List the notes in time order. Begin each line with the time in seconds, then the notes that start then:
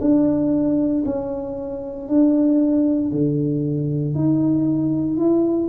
0.00 D4
1.05 C#4
2.08 D4
3.11 D3
4.14 D#4
5.17 E4